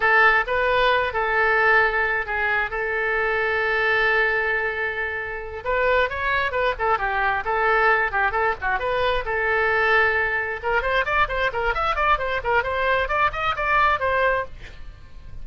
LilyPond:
\new Staff \with { instrumentName = "oboe" } { \time 4/4 \tempo 4 = 133 a'4 b'4. a'4.~ | a'4 gis'4 a'2~ | a'1~ | a'8 b'4 cis''4 b'8 a'8 g'8~ |
g'8 a'4. g'8 a'8 fis'8 b'8~ | b'8 a'2. ais'8 | c''8 d''8 c''8 ais'8 e''8 d''8 c''8 ais'8 | c''4 d''8 dis''8 d''4 c''4 | }